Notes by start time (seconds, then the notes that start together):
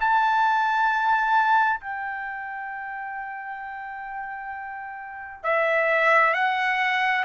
0.00 A5
1.80 G5
5.43 E5
6.33 F#5